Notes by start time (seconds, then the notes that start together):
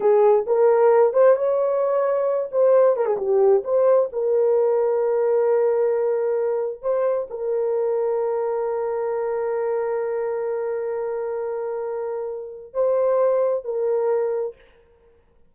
0.00 G#4
0.46 A#4
1.13 C5
1.36 C#5
2.51 C5
2.96 A#4
3.05 G#4
3.17 G4
3.64 C5
4.12 A#4
6.82 C5
7.30 A#4
12.73 C5
13.64 A#4